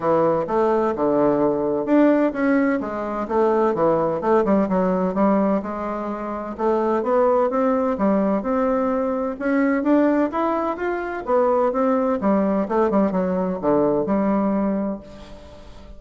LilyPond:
\new Staff \with { instrumentName = "bassoon" } { \time 4/4 \tempo 4 = 128 e4 a4 d2 | d'4 cis'4 gis4 a4 | e4 a8 g8 fis4 g4 | gis2 a4 b4 |
c'4 g4 c'2 | cis'4 d'4 e'4 f'4 | b4 c'4 g4 a8 g8 | fis4 d4 g2 | }